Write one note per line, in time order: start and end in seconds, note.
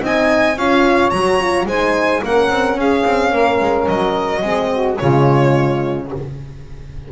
0.00 0.57 C4
0.00 0.55 D#4
0.00 0.57 D#5
0.00 0.58 G#5
0.57 1.12 C#4
0.57 1.13 F4
0.57 1.67 C#5
0.57 1.10 F5
1.10 1.66 F#3
1.10 1.40 F#4
1.10 1.65 A#5
1.40 1.68 F4
1.66 2.21 G#3
1.66 2.24 D#4
1.66 2.23 C5
1.66 2.24 G#5
2.23 2.50 A#3
2.23 4.43 C#4
2.23 2.78 A#4
2.23 2.80 F#5
2.50 2.76 C4
2.76 3.04 C#4
2.76 3.32 G#4
2.76 3.88 F5
3.05 3.32 C4
3.32 3.60 A#3
3.32 4.42 A#4
3.60 3.88 G#3
3.88 4.42 F#3
3.88 4.98 D#5
4.42 4.97 G#3
4.42 4.96 C4
4.42 4.69 G#4
4.72 4.99 F#4
4.96 6.12 C#3
4.96 6.06 G#3
4.96 6.09 F4
4.96 6.08 C#5